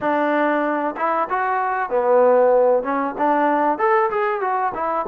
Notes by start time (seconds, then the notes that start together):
0.00 D4
0.96 E4
1.29 F#4
1.89 B3
2.83 C#4
3.18 D4
3.78 A4
4.10 G#4
4.40 F#4
4.74 E4